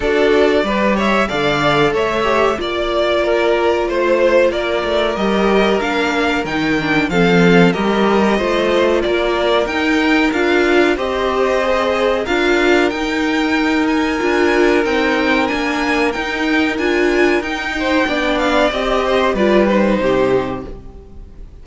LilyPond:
<<
  \new Staff \with { instrumentName = "violin" } { \time 4/4 \tempo 4 = 93 d''4. e''8 f''4 e''4 | d''2 c''4 d''4 | dis''4 f''4 g''4 f''4 | dis''2 d''4 g''4 |
f''4 dis''2 f''4 | g''4. gis''4. g''4 | gis''4 g''4 gis''4 g''4~ | g''8 f''8 dis''4 d''8 c''4. | }
  \new Staff \with { instrumentName = "violin" } { \time 4/4 a'4 b'8 cis''8 d''4 cis''4 | d''4 ais'4 c''4 ais'4~ | ais'2. a'4 | ais'4 c''4 ais'2~ |
ais'4 c''2 ais'4~ | ais'1~ | ais'2.~ ais'8 c''8 | d''4. c''8 b'4 g'4 | }
  \new Staff \with { instrumentName = "viola" } { \time 4/4 fis'4 g'4 a'4. g'8 | f'1 | g'4 d'4 dis'8 d'8 c'4 | g'4 f'2 dis'4 |
f'4 g'4 gis'4 f'4 | dis'2 f'4 dis'4 | d'4 dis'4 f'4 dis'4 | d'4 g'4 f'8 dis'4. | }
  \new Staff \with { instrumentName = "cello" } { \time 4/4 d'4 g4 d4 a4 | ais2 a4 ais8 a8 | g4 ais4 dis4 f4 | g4 a4 ais4 dis'4 |
d'4 c'2 d'4 | dis'2 d'4 c'4 | ais4 dis'4 d'4 dis'4 | b4 c'4 g4 c4 | }
>>